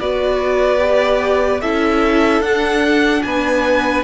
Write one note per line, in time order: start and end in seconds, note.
0.00 1.63 B3
0.00 0.78 F#4
0.00 1.61 B4
0.00 1.61 D5
0.78 1.59 G4
1.61 2.41 C#4
1.61 2.44 E4
1.61 3.23 A4
1.61 2.42 E5
2.41 3.22 D4
2.41 4.04 D4
2.41 3.23 F#5
3.23 4.04 B3
3.23 4.04 B4
3.23 4.04 G#5